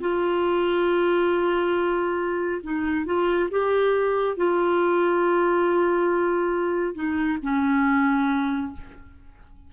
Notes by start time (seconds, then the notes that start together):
0.00 F4
2.63 D#4
3.06 F4
3.51 G4
4.36 F4
6.95 D#4
7.42 C#4